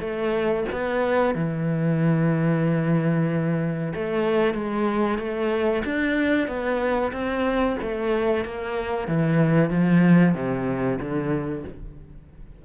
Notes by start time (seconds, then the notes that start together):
0.00 A3
0.72 B3
1.35 E3
3.94 A3
4.54 G#3
5.19 A3
5.85 D4
6.48 B3
7.12 C4
7.82 A3
8.45 A#3
9.08 E3
9.70 F3
10.34 C3
10.99 D3